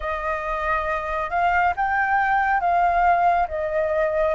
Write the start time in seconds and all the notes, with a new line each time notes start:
0.00 D#5
1.30 F5
1.76 G5
2.60 F5
3.48 D#5